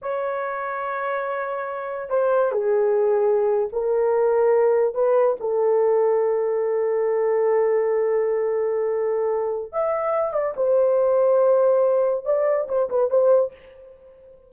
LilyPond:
\new Staff \with { instrumentName = "horn" } { \time 4/4 \tempo 4 = 142 cis''1~ | cis''4 c''4 gis'2~ | gis'8. ais'2. b'16~ | b'8. a'2.~ a'16~ |
a'1~ | a'2. e''4~ | e''8 d''8 c''2.~ | c''4 d''4 c''8 b'8 c''4 | }